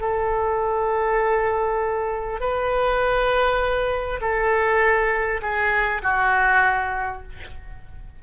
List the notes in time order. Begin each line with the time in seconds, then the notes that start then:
0.00 A4
2.40 B4
4.21 A4
5.41 G#4
6.02 F#4